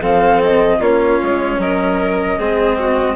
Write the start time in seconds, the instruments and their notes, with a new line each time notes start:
0.00 bassoon F3, cello C4, violin A4, flute F5
0.43 flute D#5
0.79 bassoon A#3, cello C#4, violin F4, flute C#5
1.23 bassoon G#3
1.57 bassoon F#3, violin A#4, flute D#5
2.38 bassoon G#3, cello C4, violin G#4
2.79 violin F#4